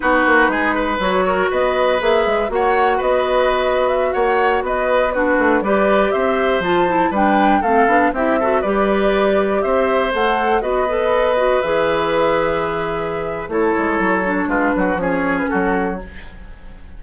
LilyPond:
<<
  \new Staff \with { instrumentName = "flute" } { \time 4/4 \tempo 4 = 120 b'2 cis''4 dis''4 | e''4 fis''4 dis''4.~ dis''16 e''16~ | e''16 fis''4 dis''4 b'4 d''8.~ | d''16 e''4 a''4 g''4 f''8.~ |
f''16 e''4 d''2 e''8.~ | e''16 fis''4 dis''2 e''8.~ | e''2. cis''4~ | cis''4 b'4 cis''8. b'16 a'4 | }
  \new Staff \with { instrumentName = "oboe" } { \time 4/4 fis'4 gis'8 b'4 ais'8 b'4~ | b'4 cis''4 b'2~ | b'16 cis''4 b'4 fis'4 b'8.~ | b'16 c''2 b'4 a'8.~ |
a'16 g'8 a'8 b'2 c''8.~ | c''4~ c''16 b'2~ b'8.~ | b'2. a'4~ | a'4 f'8 fis'8 gis'4 fis'4 | }
  \new Staff \with { instrumentName = "clarinet" } { \time 4/4 dis'2 fis'2 | gis'4 fis'2.~ | fis'2~ fis'16 d'4 g'8.~ | g'4~ g'16 f'8 e'8 d'4 c'8 d'16~ |
d'16 e'8 fis'8 g'2~ g'8.~ | g'16 a'4 fis'8 a'4 fis'8 gis'8.~ | gis'2. e'4~ | e'8 d'4. cis'2 | }
  \new Staff \with { instrumentName = "bassoon" } { \time 4/4 b8 ais8 gis4 fis4 b4 | ais8 gis8 ais4 b2~ | b16 ais4 b4. a8 g8.~ | g16 c'4 f4 g4 a8 b16~ |
b16 c'4 g2 c'8.~ | c'16 a4 b2 e8.~ | e2. a8 gis8 | fis4 gis8 fis8 f4 fis4 | }
>>